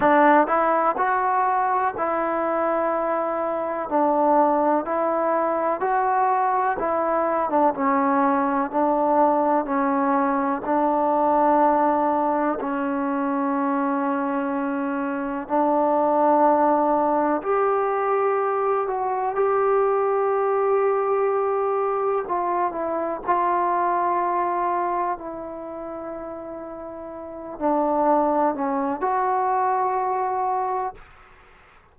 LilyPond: \new Staff \with { instrumentName = "trombone" } { \time 4/4 \tempo 4 = 62 d'8 e'8 fis'4 e'2 | d'4 e'4 fis'4 e'8. d'16 | cis'4 d'4 cis'4 d'4~ | d'4 cis'2. |
d'2 g'4. fis'8 | g'2. f'8 e'8 | f'2 e'2~ | e'8 d'4 cis'8 fis'2 | }